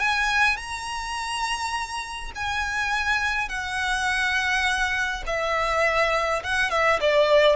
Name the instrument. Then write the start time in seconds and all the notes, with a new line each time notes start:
violin
0.00 G#5
0.57 A#5
2.36 G#5
3.50 F#5
5.27 E5
6.44 F#5
6.71 E5
7.01 D5